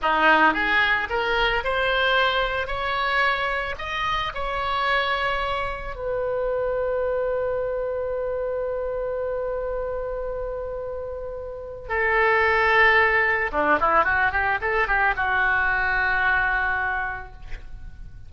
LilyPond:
\new Staff \with { instrumentName = "oboe" } { \time 4/4 \tempo 4 = 111 dis'4 gis'4 ais'4 c''4~ | c''4 cis''2 dis''4 | cis''2. b'4~ | b'1~ |
b'1~ | b'2 a'2~ | a'4 d'8 e'8 fis'8 g'8 a'8 g'8 | fis'1 | }